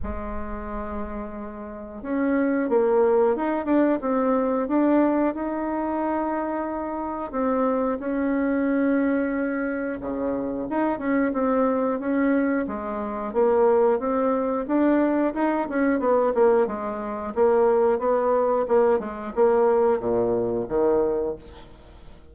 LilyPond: \new Staff \with { instrumentName = "bassoon" } { \time 4/4 \tempo 4 = 90 gis2. cis'4 | ais4 dis'8 d'8 c'4 d'4 | dis'2. c'4 | cis'2. cis4 |
dis'8 cis'8 c'4 cis'4 gis4 | ais4 c'4 d'4 dis'8 cis'8 | b8 ais8 gis4 ais4 b4 | ais8 gis8 ais4 ais,4 dis4 | }